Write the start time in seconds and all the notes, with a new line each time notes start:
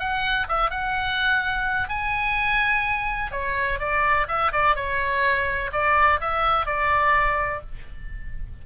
0.00 F#5
0.49 E5
0.71 F#5
1.89 G#5
3.32 C#5
3.79 D5
4.28 E5
4.53 D5
4.76 C#5
5.73 D5
6.21 E5
6.66 D5